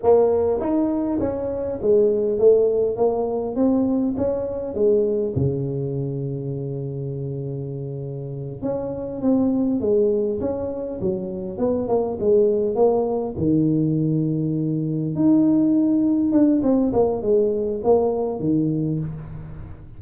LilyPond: \new Staff \with { instrumentName = "tuba" } { \time 4/4 \tempo 4 = 101 ais4 dis'4 cis'4 gis4 | a4 ais4 c'4 cis'4 | gis4 cis2.~ | cis2~ cis8 cis'4 c'8~ |
c'8 gis4 cis'4 fis4 b8 | ais8 gis4 ais4 dis4.~ | dis4. dis'2 d'8 | c'8 ais8 gis4 ais4 dis4 | }